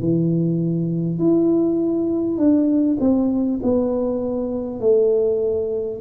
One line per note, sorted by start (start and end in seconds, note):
0.00 1.19 E3
1.19 2.37 E4
2.37 2.97 D4
3.01 3.61 C4
3.63 4.80 B3
4.80 6.00 A3